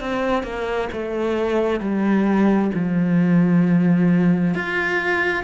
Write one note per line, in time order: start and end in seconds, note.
0.00 0.43 C4
0.43 0.88 A#3
0.92 1.79 A3
1.79 2.70 G3
2.74 4.54 F3
4.54 5.43 F4